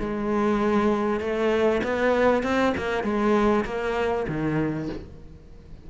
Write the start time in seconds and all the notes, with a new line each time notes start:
0.00 G#3
1.21 A3
1.84 B3
2.43 C4
2.78 A#3
3.04 G#3
3.65 A#3
4.28 D#3